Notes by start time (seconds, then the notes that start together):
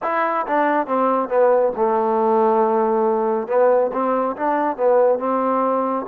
0.02 E4
0.47 D4
0.87 C4
1.28 B3
1.75 A3
3.47 B3
3.92 C4
4.36 D4
4.76 B3
5.19 C4